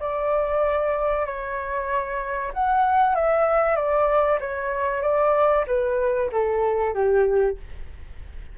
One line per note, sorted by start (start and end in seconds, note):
0.00 1.26 D5
1.26 2.52 C#5
2.54 3.15 F#5
3.15 3.76 E5
3.76 4.39 D5
4.41 5.02 C#5
5.02 5.65 D5
5.67 6.30 B4
6.32 6.94 A4
6.94 7.57 G4